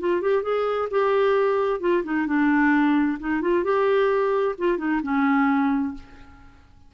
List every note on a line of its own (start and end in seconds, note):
0.00 0.22 F4
0.22 0.43 G4
0.43 0.89 G#4
0.91 1.81 G4
1.81 2.04 F4
2.04 2.27 D#4
2.27 3.19 D4
3.20 3.42 D#4
3.42 3.64 F4
3.64 4.56 G4
4.58 4.78 F4
4.78 5.01 D#4
5.03 5.94 C#4